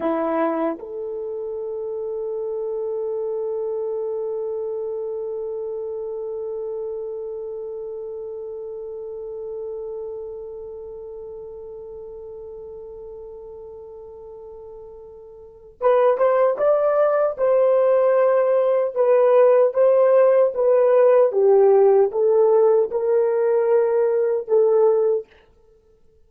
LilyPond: \new Staff \with { instrumentName = "horn" } { \time 4/4 \tempo 4 = 76 e'4 a'2.~ | a'1~ | a'1~ | a'1~ |
a'1 | b'8 c''8 d''4 c''2 | b'4 c''4 b'4 g'4 | a'4 ais'2 a'4 | }